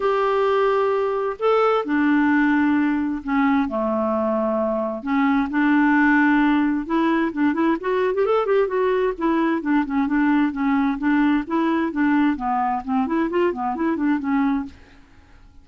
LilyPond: \new Staff \with { instrumentName = "clarinet" } { \time 4/4 \tempo 4 = 131 g'2. a'4 | d'2. cis'4 | a2. cis'4 | d'2. e'4 |
d'8 e'8 fis'8. g'16 a'8 g'8 fis'4 | e'4 d'8 cis'8 d'4 cis'4 | d'4 e'4 d'4 b4 | c'8 e'8 f'8 b8 e'8 d'8 cis'4 | }